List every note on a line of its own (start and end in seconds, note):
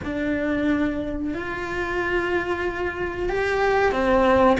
0.04 1.34 D4
1.34 3.29 F4
3.29 3.91 G4
3.91 4.57 C4